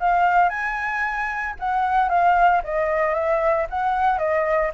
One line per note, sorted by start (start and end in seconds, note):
0.00 0.50 F5
0.50 1.55 G#5
1.60 2.10 F#5
2.10 2.62 F5
2.64 3.15 D#5
3.15 3.67 E5
3.70 4.19 F#5
4.19 4.71 D#5